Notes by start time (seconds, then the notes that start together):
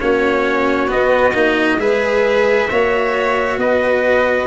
0.00 A#3 C#4 F#4 C#5
0.88 B3 D#5
1.34 A#3 D#4
1.78 G#3 G#4 B4 E5
2.70 A#3 F#4 C#5
3.57 B3 B4 D#5